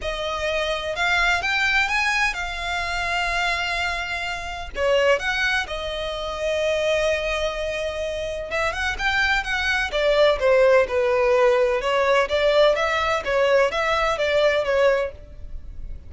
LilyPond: \new Staff \with { instrumentName = "violin" } { \time 4/4 \tempo 4 = 127 dis''2 f''4 g''4 | gis''4 f''2.~ | f''2 cis''4 fis''4 | dis''1~ |
dis''2 e''8 fis''8 g''4 | fis''4 d''4 c''4 b'4~ | b'4 cis''4 d''4 e''4 | cis''4 e''4 d''4 cis''4 | }